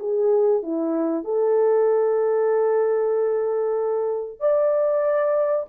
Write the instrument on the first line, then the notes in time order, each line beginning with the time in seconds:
horn
0.00 G#4
0.63 E4
1.25 A4
4.40 D5